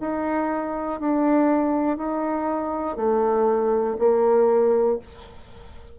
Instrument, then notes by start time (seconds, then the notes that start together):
bassoon
0.00 D#4
1.00 D4
1.97 D#4
2.96 A3
3.99 A#3